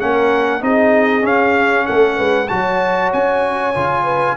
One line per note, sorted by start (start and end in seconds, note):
0.00 0.62 A#3
0.00 0.62 C#4
0.00 0.63 A#4
0.00 0.63 F#5
0.62 1.24 C4
0.62 1.22 D#4
0.62 1.87 G#4
0.62 1.26 D#5
1.22 2.47 C#4
1.22 1.86 C#4
1.22 1.86 F5
1.86 2.20 A3
1.86 2.17 A4
1.86 2.49 F#5
2.17 2.51 G#3
2.17 2.49 B4
2.49 3.14 F#3
2.49 3.75 F#4
2.49 4.04 C#5
2.49 3.11 A5
3.13 3.76 C#4
3.13 4.38 G#5
3.75 4.38 C#3
3.75 4.38 F4
4.04 4.35 B4